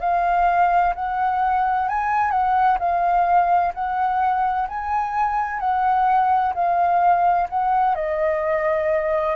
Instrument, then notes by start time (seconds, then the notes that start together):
flute
0.00 F5
0.95 F#5
1.89 G#5
2.31 F#5
2.80 F5
3.75 F#5
4.68 G#5
5.60 F#5
6.55 F5
7.50 F#5
7.95 D#5